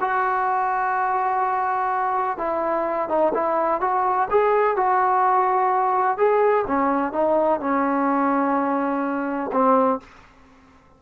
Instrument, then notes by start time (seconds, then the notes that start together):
trombone
0.00 F#4
2.37 E4
3.08 D#4
3.34 E4
3.80 F#4
4.30 G#4
4.76 F#4
6.17 G#4
6.67 C#4
7.12 D#4
7.60 C#4
9.52 C4